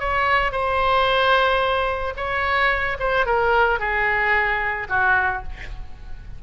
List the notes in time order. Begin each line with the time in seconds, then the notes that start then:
0.00 C#5
0.52 C5
2.17 C#5
3.00 C5
3.26 A#4
3.79 G#4
4.89 F#4